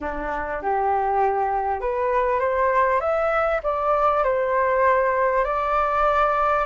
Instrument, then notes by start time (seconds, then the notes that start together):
flute
0.01 D4
0.61 G4
1.80 B4
2.39 C5
3.00 E5
3.63 D5
4.23 C5
5.44 D5